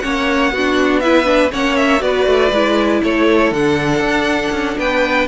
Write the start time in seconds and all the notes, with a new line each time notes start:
0.00 A#3 C#4 C#5 F#5
0.52 B3 D4 F#4
1.00 E4 B4 E5
1.25 D4
1.52 A#3 C#4 C#5 F#5
1.77 E5
2.00 B3 F#4 B4 D5
2.27 A3
2.52 G#3 E4
3.04 A3 A4 C#5
3.52 D3 D4 F#5
4.01 D4
4.52 C#4
4.79 B3 B4 G5